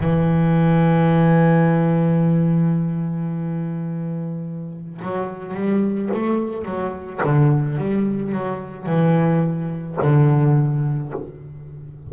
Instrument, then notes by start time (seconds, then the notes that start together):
double bass
0.00 E3
5.02 F#3
5.54 G3
6.13 A3
6.65 F#3
7.23 D3
7.77 G3
8.32 F#3
8.86 E3
10.02 D3